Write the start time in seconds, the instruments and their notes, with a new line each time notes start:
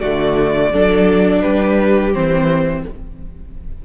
0.00 cello D3, viola A3, violin F#4 D5
0.72 cello F#3, viola D4, violin A4
1.41 cello G3, violin G4 B4
2.13 cello E3, viola C4, violin C5